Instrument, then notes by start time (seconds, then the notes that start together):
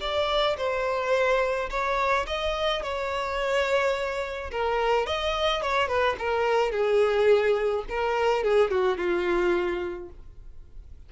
violin
0.00 D5
0.57 C5
1.70 C#5
2.27 D#5
2.83 C#5
4.51 A#4
5.06 D#5
5.62 C#5
5.88 B4
6.18 A#4
6.71 G#4
7.89 A#4
8.43 G#4
8.71 F#4
8.97 F4